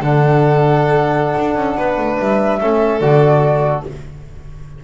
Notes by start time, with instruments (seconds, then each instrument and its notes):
0.00 double bass D3, trombone D4, violin A4, flute F#5
1.38 double bass D4
1.55 double bass C#4
1.76 double bass B3, violin B4
1.97 double bass A3
2.19 double bass G3, flute E5
2.60 double bass A3, trombone C#4, violin A4
3.00 double bass D3, trombone F#4, flute D5